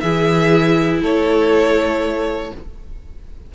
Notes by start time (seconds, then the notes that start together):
0.00 E3 E4 G#4 E5
1.02 A3 A4 C#5